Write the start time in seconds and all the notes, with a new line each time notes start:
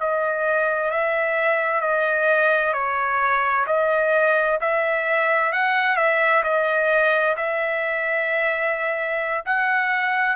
0.00 D#5
0.91 E5
1.81 D#5
2.74 C#5
3.67 D#5
4.61 E5
5.53 F#5
5.97 E5
6.44 D#5
7.37 E5
9.46 F#5